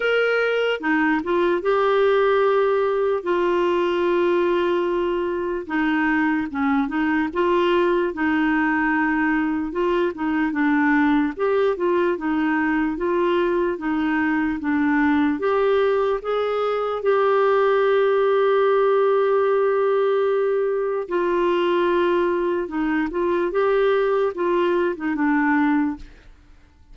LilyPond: \new Staff \with { instrumentName = "clarinet" } { \time 4/4 \tempo 4 = 74 ais'4 dis'8 f'8 g'2 | f'2. dis'4 | cis'8 dis'8 f'4 dis'2 | f'8 dis'8 d'4 g'8 f'8 dis'4 |
f'4 dis'4 d'4 g'4 | gis'4 g'2.~ | g'2 f'2 | dis'8 f'8 g'4 f'8. dis'16 d'4 | }